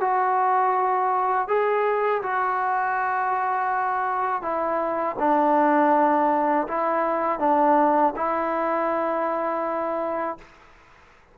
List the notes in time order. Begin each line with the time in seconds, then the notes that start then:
0.00 F#4
1.47 G#4
2.22 F#4
4.42 E4
5.19 D4
6.67 E4
7.39 D4
8.15 E4